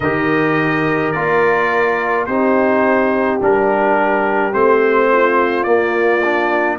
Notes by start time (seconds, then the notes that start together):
0.00 D#3 G4 A#4 D#5
1.12 A#3 F4 D5
2.25 C4 D#4 G4 C5
3.40 G3 D4 A#4
4.52 A3 C4 C5
5.12 F4
5.63 A#3 D5
6.24 D4